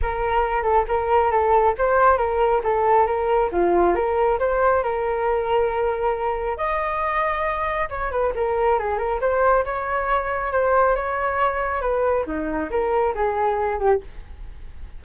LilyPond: \new Staff \with { instrumentName = "flute" } { \time 4/4 \tempo 4 = 137 ais'4. a'8 ais'4 a'4 | c''4 ais'4 a'4 ais'4 | f'4 ais'4 c''4 ais'4~ | ais'2. dis''4~ |
dis''2 cis''8 b'8 ais'4 | gis'8 ais'8 c''4 cis''2 | c''4 cis''2 b'4 | dis'4 ais'4 gis'4. g'8 | }